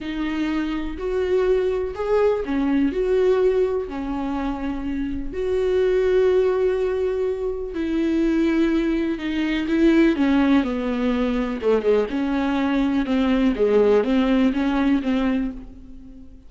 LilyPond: \new Staff \with { instrumentName = "viola" } { \time 4/4 \tempo 4 = 124 dis'2 fis'2 | gis'4 cis'4 fis'2 | cis'2. fis'4~ | fis'1 |
e'2. dis'4 | e'4 cis'4 b2 | a8 gis8 cis'2 c'4 | gis4 c'4 cis'4 c'4 | }